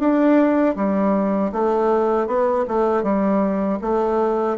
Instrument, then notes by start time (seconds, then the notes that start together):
bassoon
0.00 D4
0.76 G3
1.53 A3
2.28 B3
2.68 A3
3.03 G3
3.82 A3